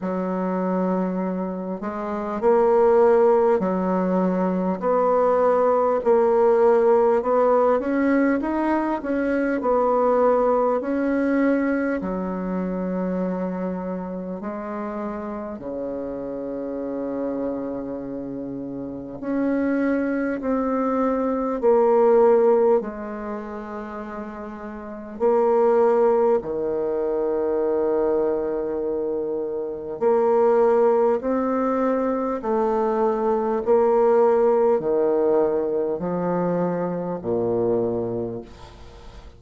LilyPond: \new Staff \with { instrumentName = "bassoon" } { \time 4/4 \tempo 4 = 50 fis4. gis8 ais4 fis4 | b4 ais4 b8 cis'8 dis'8 cis'8 | b4 cis'4 fis2 | gis4 cis2. |
cis'4 c'4 ais4 gis4~ | gis4 ais4 dis2~ | dis4 ais4 c'4 a4 | ais4 dis4 f4 ais,4 | }